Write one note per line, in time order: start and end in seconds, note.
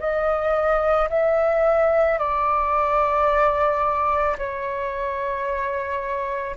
0.00 1.09 D#5
1.10 2.19 E5
2.19 4.37 D5
4.38 6.57 C#5